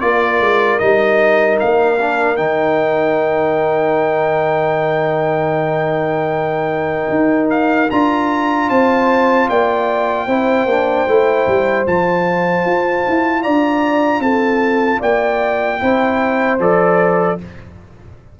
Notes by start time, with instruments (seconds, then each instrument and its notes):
0.00 tuba A#3, trombone F4, horn A#4, trumpet D5
0.40 tuba G#3
0.78 tuba G3, trombone D#4, trumpet D#5
1.59 tuba A#3, trumpet F5
1.99 trombone D4
2.36 tuba D#3, trombone D#4, trumpet G5
7.10 tuba D#4
7.50 trumpet F5
7.90 tuba D4, trombone F4, trumpet A#5
8.69 tuba C4, horn C5, trumpet A5
9.49 tuba A#3, horn D5, trumpet G5
10.26 tuba C4, trombone E4, horn C5
10.65 tuba A#3, trombone D4
11.07 tuba A3, trombone E4
11.47 tuba G3
11.86 tuba F3, trombone F4, trumpet A5
12.65 tuba F4
13.09 tuba E4
13.42 tuba D4, horn D5, trumpet A#5
14.19 tuba C4, horn A4, trumpet A5
14.99 tuba A#3, horn D5, trumpet G5
15.79 tuba C4, trombone E4, horn C5
16.59 tuba F3, trombone A4, trumpet D5